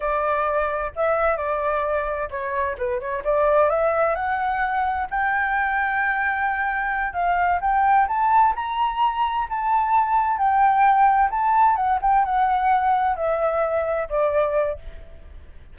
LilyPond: \new Staff \with { instrumentName = "flute" } { \time 4/4 \tempo 4 = 130 d''2 e''4 d''4~ | d''4 cis''4 b'8 cis''8 d''4 | e''4 fis''2 g''4~ | g''2.~ g''8 f''8~ |
f''8 g''4 a''4 ais''4.~ | ais''8 a''2 g''4.~ | g''8 a''4 fis''8 g''8 fis''4.~ | fis''8 e''2 d''4. | }